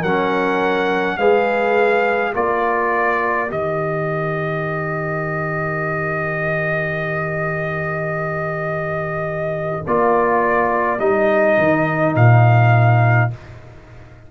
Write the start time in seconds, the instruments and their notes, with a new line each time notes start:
0.00 tuba F#3, horn A#4, trumpet F#5
0.06 trombone C#4
1.18 tuba G#3, trombone G#4, horn B4, trumpet F5
2.33 tuba A#3, trombone F4, horn A#4, trumpet D5
3.48 tuba D#3, trombone G4, trumpet D#5
9.87 tuba A#3, trombone F4, trumpet D5
10.99 tuba G3, trombone D#4, trumpet D#5
11.58 tuba D#3
12.15 tuba A#2, trumpet F5